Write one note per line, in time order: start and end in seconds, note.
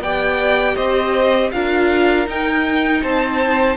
0.00 0.75 B3
0.00 1.53 G4
0.00 0.75 D5
0.00 0.76 G5
0.75 1.52 C4
0.75 1.50 C5
0.75 1.51 D#5
1.52 2.26 D4
1.52 2.27 F4
1.52 3.02 A#4
1.52 2.27 F5
2.26 3.01 D#4
2.26 3.77 D#4
2.26 3.03 G5
3.02 3.77 C4
3.02 3.77 C5
3.02 3.77 A5